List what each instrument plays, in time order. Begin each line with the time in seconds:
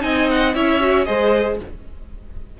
0.00 cello C4, viola D#4, violin D#5 G#5
0.30 violin F#5
0.54 cello C#4, viola E4, violin C#5 E5
0.80 viola F#4
1.05 cello G#3, viola G#4, violin C5 D#5